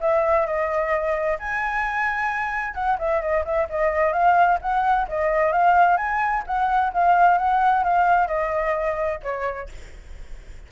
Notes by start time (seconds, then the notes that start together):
0.00 E5
0.46 D#5
1.38 G#5
2.74 F#5
2.98 E5
3.21 D#5
3.44 E5
3.69 D#5
4.12 F5
4.61 F#5
5.08 D#5
5.52 F5
5.97 G#5
6.46 F#5
6.93 F5
7.37 F#5
7.84 F5
8.27 D#5
9.23 C#5